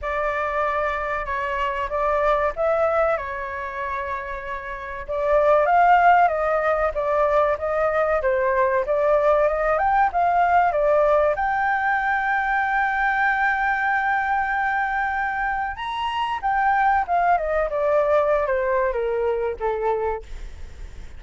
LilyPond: \new Staff \with { instrumentName = "flute" } { \time 4/4 \tempo 4 = 95 d''2 cis''4 d''4 | e''4 cis''2. | d''4 f''4 dis''4 d''4 | dis''4 c''4 d''4 dis''8 g''8 |
f''4 d''4 g''2~ | g''1~ | g''4 ais''4 g''4 f''8 dis''8 | d''4~ d''16 c''8. ais'4 a'4 | }